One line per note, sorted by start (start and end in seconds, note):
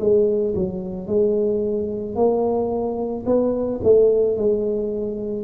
0.00 0.55 G#3
0.56 1.08 F#3
1.08 2.16 G#3
2.16 3.25 A#3
3.26 3.81 B3
3.84 4.37 A3
4.37 5.44 G#3